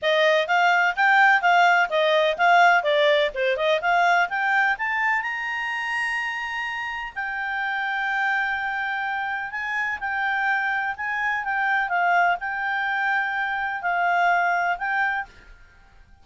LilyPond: \new Staff \with { instrumentName = "clarinet" } { \time 4/4 \tempo 4 = 126 dis''4 f''4 g''4 f''4 | dis''4 f''4 d''4 c''8 dis''8 | f''4 g''4 a''4 ais''4~ | ais''2. g''4~ |
g''1 | gis''4 g''2 gis''4 | g''4 f''4 g''2~ | g''4 f''2 g''4 | }